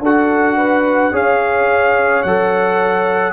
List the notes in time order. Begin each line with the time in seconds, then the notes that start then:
0.00 D4 F#4 A4 F#5
0.57 B4
1.12 C#4 G#4 C#5 F5
2.22 F#3 A4 F#5